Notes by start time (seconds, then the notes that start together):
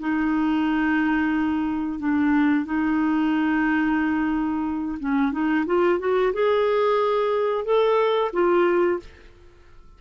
0.00 D#4
1.99 D4
2.65 D#4
5.00 C#4
5.32 D#4
5.66 F4
6.00 F#4
6.33 G#4
7.65 A4
8.33 F4